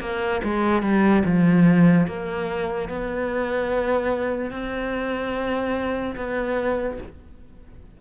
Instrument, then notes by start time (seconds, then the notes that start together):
cello
0.00 A#3
0.44 G#3
0.82 G3
1.25 F3
2.07 A#3
2.89 B3
4.51 C4
6.16 B3